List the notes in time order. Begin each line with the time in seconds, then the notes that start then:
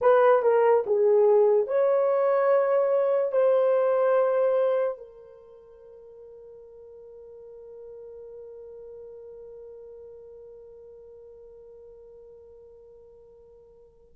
0.01 B4
0.42 A#4
0.86 G#4
1.67 C#5
3.31 C5
4.97 A#4